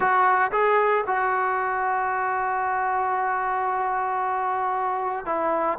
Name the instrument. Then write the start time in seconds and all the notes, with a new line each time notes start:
trombone
0.00 F#4
0.51 G#4
1.06 F#4
5.25 E4